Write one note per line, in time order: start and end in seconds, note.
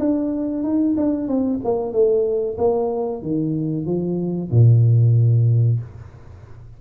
0.00 0.64 D4
0.64 0.96 D#4
0.97 1.28 D4
1.28 1.60 C4
1.65 1.93 A#3
1.93 2.57 A3
2.58 3.23 A#3
3.23 3.86 D#3
3.86 4.51 F3
4.51 5.80 A#2